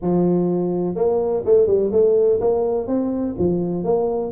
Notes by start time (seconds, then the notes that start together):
0.01 F3
0.95 A#3
1.45 A3
1.66 G3
1.92 A3
2.40 A#3
2.87 C4
3.38 F3
3.84 A#3